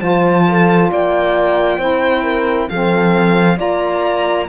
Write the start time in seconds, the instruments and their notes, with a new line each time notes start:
0.00 cello F3, saxophone F4, horn C5, violin A5
0.48 horn A4
0.91 cello A#3, horn D5, violin G5
1.78 cello C4, saxophone E4, horn C5
2.24 horn A#4
2.69 cello F3, saxophone C4, horn A4, violin F5
3.57 cello A#3, saxophone F4, horn D5, violin A#5